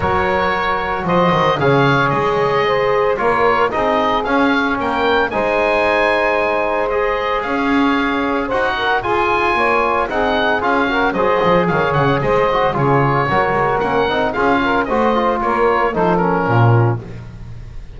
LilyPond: <<
  \new Staff \with { instrumentName = "oboe" } { \time 4/4 \tempo 4 = 113 cis''2 dis''4 f''4 | dis''2 cis''4 dis''4 | f''4 g''4 gis''2~ | gis''4 dis''4 f''2 |
fis''4 gis''2 fis''4 | f''4 dis''4 f''8 fis''8 dis''4 | cis''2 fis''4 f''4 | dis''4 cis''4 c''8 ais'4. | }
  \new Staff \with { instrumentName = "saxophone" } { \time 4/4 ais'2 c''4 cis''4~ | cis''4 c''4 ais'4 gis'4~ | gis'4 ais'4 c''2~ | c''2 cis''2 |
c''8 ais'8 gis'4 cis''4 gis'4~ | gis'8 ais'8 c''4 cis''4 c''4 | gis'4 ais'2 gis'8 ais'8 | c''4 ais'4 a'4 f'4 | }
  \new Staff \with { instrumentName = "trombone" } { \time 4/4 fis'2. gis'4~ | gis'2 f'4 dis'4 | cis'2 dis'2~ | dis'4 gis'2. |
fis'4 f'2 dis'4 | f'8 fis'8 gis'2~ gis'8 fis'8 | f'4 fis'4 cis'8 dis'8 f'4 | fis'8 f'4. dis'8 cis'4. | }
  \new Staff \with { instrumentName = "double bass" } { \time 4/4 fis2 f8 dis8 cis4 | gis2 ais4 c'4 | cis'4 ais4 gis2~ | gis2 cis'2 |
dis'4 f'4 ais4 c'4 | cis'4 fis8 f8 dis8 cis8 gis4 | cis4 fis8 gis8 ais8 c'8 cis'4 | a4 ais4 f4 ais,4 | }
>>